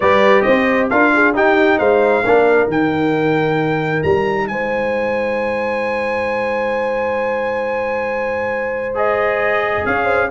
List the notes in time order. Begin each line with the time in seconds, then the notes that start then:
0.00 G3 G4 B4 D5
0.41 C4 C5 D#5
0.89 D4 F4 A#4 F5
1.13 G#4
1.34 D#4 G4 G5
1.78 G#3 C5 F5
2.24 A#3 D4 A#4
2.67 D#3 D#4 G5
4.03 G3 A#5
4.47 G#3 C5 G#5
8.94 G#4 D#5
9.85 C#4 C#5 F5
10.04 C5